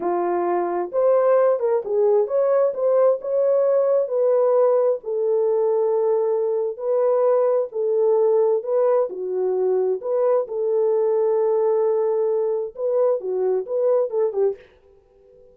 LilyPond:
\new Staff \with { instrumentName = "horn" } { \time 4/4 \tempo 4 = 132 f'2 c''4. ais'8 | gis'4 cis''4 c''4 cis''4~ | cis''4 b'2 a'4~ | a'2. b'4~ |
b'4 a'2 b'4 | fis'2 b'4 a'4~ | a'1 | b'4 fis'4 b'4 a'8 g'8 | }